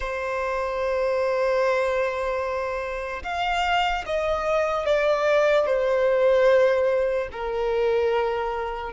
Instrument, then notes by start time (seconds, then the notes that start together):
violin
0.00 C5
3.23 F5
4.05 D#5
4.85 D5
5.66 C5
7.32 A#4